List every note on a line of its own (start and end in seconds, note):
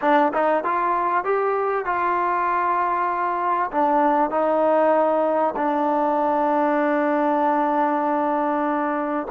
0.01 0.32 D4
0.33 0.64 D#4
0.64 1.24 F4
1.24 1.85 G4
1.85 3.70 F4
3.71 4.30 D4
4.30 5.54 D#4
5.56 9.27 D4